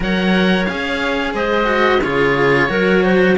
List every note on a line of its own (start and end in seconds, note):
0.00 0.67 F#3
0.00 0.65 A#4
0.00 1.35 C#5
0.00 0.65 F#5
0.65 1.33 C#4
0.65 1.65 G#4
0.65 1.33 F5
1.33 2.01 G#3
1.33 2.02 C5
1.33 2.02 D#5
1.65 1.99 F#4
2.02 2.68 C#3
2.02 2.69 F4
2.02 2.69 G#4
2.02 3.37 C#5
2.68 3.36 F#3
2.68 3.36 F#4
2.68 3.02 A#4
3.02 3.36 C5